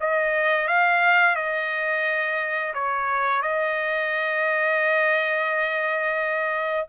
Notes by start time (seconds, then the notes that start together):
0.00 D#5
0.67 F5
1.35 D#5
2.74 C#5
3.41 D#5